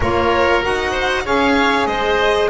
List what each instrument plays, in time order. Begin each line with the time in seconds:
0.00 double bass A#3, saxophone F4, oboe A#4, violin C#5
0.62 double bass D#4, saxophone F#4, violin F#5
0.91 oboe C5
1.25 double bass C#4, saxophone G#4, oboe C#5, violin F5
1.86 double bass G#3, oboe C5, violin D#5